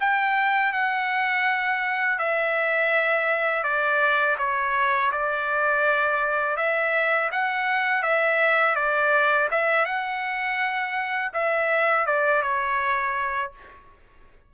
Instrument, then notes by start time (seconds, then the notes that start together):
trumpet
0.00 G5
0.73 F#5
2.19 E5
3.63 D5
4.38 C#5
5.12 D5
6.56 E5
7.32 F#5
8.02 E5
8.75 D5
9.51 E5
9.85 F#5
11.33 E5
12.06 D5
12.42 C#5